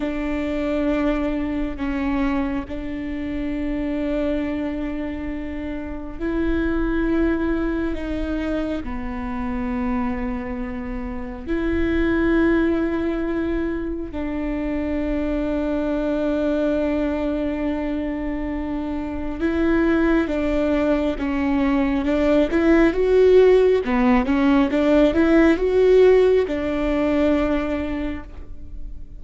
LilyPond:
\new Staff \with { instrumentName = "viola" } { \time 4/4 \tempo 4 = 68 d'2 cis'4 d'4~ | d'2. e'4~ | e'4 dis'4 b2~ | b4 e'2. |
d'1~ | d'2 e'4 d'4 | cis'4 d'8 e'8 fis'4 b8 cis'8 | d'8 e'8 fis'4 d'2 | }